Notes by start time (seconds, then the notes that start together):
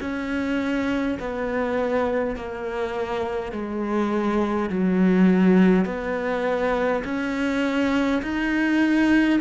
0.00 C#4
1.19 B3
2.35 A#3
3.52 G#3
4.69 F#3
5.85 B3
7.04 C#4
8.22 D#4